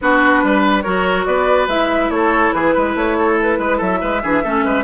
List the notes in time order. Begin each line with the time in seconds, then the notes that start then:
0.01 B3 D4 F#4 B4
0.43 G3 B4
0.82 F#3 F#4 A#4 C#5
1.25 B3 B4 D5
1.67 G#3 E4 E5
2.09 A3 A4 C#5
2.52 E3 G#4 B4
2.75 G#3 B4
2.94 A3 C#5
3.18 A4
3.41 B4
3.58 G#3 B4
3.77 F#3 A4 E5
4.01 G#3 B4
4.22 E3 D4 G#4
4.43 A3 C#4 A4
4.64 G#3 B4